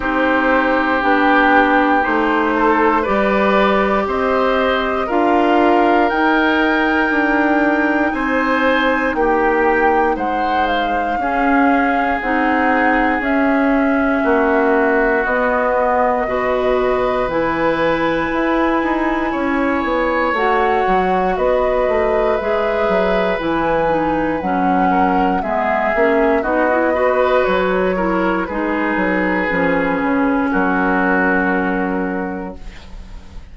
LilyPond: <<
  \new Staff \with { instrumentName = "flute" } { \time 4/4 \tempo 4 = 59 c''4 g'4 c''4 d''4 | dis''4 f''4 g''2 | gis''4 g''4 fis''8 f''4. | fis''4 e''2 dis''4~ |
dis''4 gis''2. | fis''4 dis''4 e''4 gis''4 | fis''4 e''4 dis''4 cis''4 | b'2 ais'2 | }
  \new Staff \with { instrumentName = "oboe" } { \time 4/4 g'2~ g'8 a'8 b'4 | c''4 ais'2. | c''4 g'4 c''4 gis'4~ | gis'2 fis'2 |
b'2. cis''4~ | cis''4 b'2.~ | b'8 ais'8 gis'4 fis'8 b'4 ais'8 | gis'2 fis'2 | }
  \new Staff \with { instrumentName = "clarinet" } { \time 4/4 dis'4 d'4 dis'4 g'4~ | g'4 f'4 dis'2~ | dis'2. cis'4 | dis'4 cis'2 b4 |
fis'4 e'2. | fis'2 gis'4 e'8 dis'8 | cis'4 b8 cis'8 dis'16 e'16 fis'4 e'8 | dis'4 cis'2. | }
  \new Staff \with { instrumentName = "bassoon" } { \time 4/4 c'4 b4 a4 g4 | c'4 d'4 dis'4 d'4 | c'4 ais4 gis4 cis'4 | c'4 cis'4 ais4 b4 |
b,4 e4 e'8 dis'8 cis'8 b8 | a8 fis8 b8 a8 gis8 fis8 e4 | fis4 gis8 ais8 b4 fis4 | gis8 fis8 f8 cis8 fis2 | }
>>